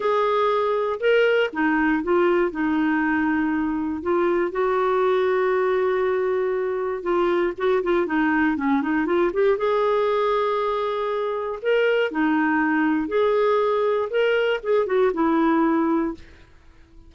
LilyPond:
\new Staff \with { instrumentName = "clarinet" } { \time 4/4 \tempo 4 = 119 gis'2 ais'4 dis'4 | f'4 dis'2. | f'4 fis'2.~ | fis'2 f'4 fis'8 f'8 |
dis'4 cis'8 dis'8 f'8 g'8 gis'4~ | gis'2. ais'4 | dis'2 gis'2 | ais'4 gis'8 fis'8 e'2 | }